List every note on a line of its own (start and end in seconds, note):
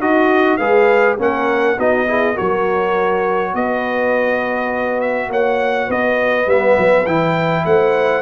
0.00 0.59 D#4
0.00 0.58 F#4
0.00 0.59 F#4
0.00 0.57 D#5
0.57 1.18 G#3
0.57 1.18 G#4
0.57 1.17 B4
0.57 1.16 F5
1.18 1.77 A#3
1.18 1.77 C#4
1.18 1.77 A#4
1.18 1.79 F#5
1.77 2.37 B3
1.77 2.07 D#4
1.77 2.07 F#4
1.77 2.37 D#5
2.07 2.35 E4
2.07 2.34 G#4
2.34 6.46 F#4
2.34 3.51 A#4
2.34 3.55 C#5
2.40 3.54 F#3
3.54 5.29 B3
3.54 5.30 B4
3.54 5.00 D#5
5.00 5.30 E5
5.29 5.88 A#3
5.29 5.87 C#5
5.29 5.91 F#5
5.87 6.46 B3
5.87 7.63 B4
5.87 6.49 D#5
6.46 6.76 G3
6.46 7.05 B3
6.46 7.06 E5
6.78 7.06 F#3
7.06 7.65 E3
7.06 8.22 E4
7.06 7.65 G5
7.65 8.22 A3
7.65 8.22 C5
7.65 8.22 F#5